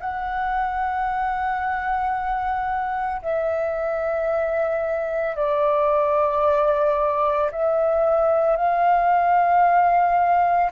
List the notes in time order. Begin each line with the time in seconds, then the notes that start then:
0.00 F#5
3.22 E5
5.36 D5
7.52 E5
8.57 F5